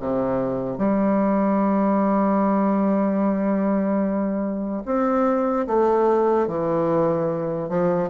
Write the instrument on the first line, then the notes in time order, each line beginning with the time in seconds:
bassoon
0.00 C3
0.78 G3
4.85 C4
5.67 A3
6.48 E3
7.69 F3